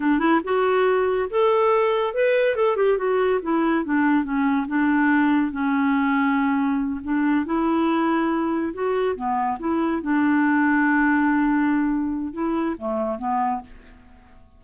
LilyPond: \new Staff \with { instrumentName = "clarinet" } { \time 4/4 \tempo 4 = 141 d'8 e'8 fis'2 a'4~ | a'4 b'4 a'8 g'8 fis'4 | e'4 d'4 cis'4 d'4~ | d'4 cis'2.~ |
cis'8 d'4 e'2~ e'8~ | e'8 fis'4 b4 e'4 d'8~ | d'1~ | d'4 e'4 a4 b4 | }